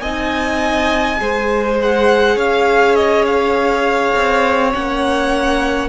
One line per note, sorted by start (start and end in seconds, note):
0.00 1.19 C4
0.00 1.18 D#4
0.00 1.20 D#5
0.00 1.76 G#5
1.18 2.36 G#3
1.18 4.71 G#4
1.18 2.37 C5
1.82 2.39 F#5
2.36 4.13 C#4
2.36 5.89 C#5
2.36 2.96 F5
2.96 3.25 D#5
3.26 4.74 F5
4.16 4.75 C4
4.73 5.89 A#3
4.73 5.89 C#4
4.73 5.89 F#5